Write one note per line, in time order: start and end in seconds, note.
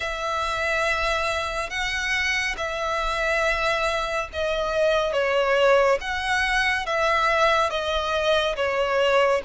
0.00 1.69 E5
1.69 2.55 F#5
2.57 4.29 E5
4.32 5.12 D#5
5.12 5.98 C#5
6.00 6.86 F#5
6.86 7.69 E5
7.69 8.55 D#5
8.56 9.41 C#5